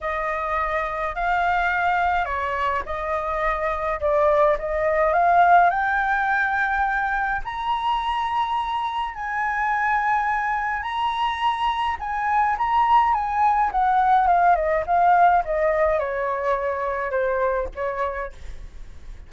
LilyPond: \new Staff \with { instrumentName = "flute" } { \time 4/4 \tempo 4 = 105 dis''2 f''2 | cis''4 dis''2 d''4 | dis''4 f''4 g''2~ | g''4 ais''2. |
gis''2. ais''4~ | ais''4 gis''4 ais''4 gis''4 | fis''4 f''8 dis''8 f''4 dis''4 | cis''2 c''4 cis''4 | }